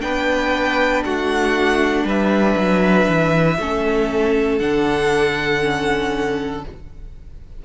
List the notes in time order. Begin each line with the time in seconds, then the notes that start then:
0.00 B3 D4 B4 G5
1.04 A3 F#4 F#5
2.04 G3 B4 E5
2.56 F#3
3.08 E3
3.59 A3 C#4 A4
4.58 D3 D4 F#5
5.61 C#4